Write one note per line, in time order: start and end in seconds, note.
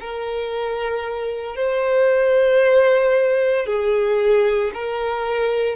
0.00 1.56 A#4
1.56 3.66 C5
3.66 4.71 G#4
4.74 5.75 A#4